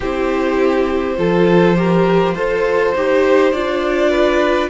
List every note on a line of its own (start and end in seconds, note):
0.00 1.18 C4
0.00 1.17 E4
0.00 1.15 G4
0.00 3.52 C5
1.17 2.35 F3
1.17 1.75 F4
1.17 1.77 A4
1.75 2.34 G4
1.75 2.34 A#4
2.34 2.93 F4
2.34 2.95 A4
2.34 4.10 C5
2.95 3.52 D#4
2.95 3.53 G4
3.52 4.70 D4
3.52 4.70 F4
3.52 4.69 D5
4.10 4.69 B4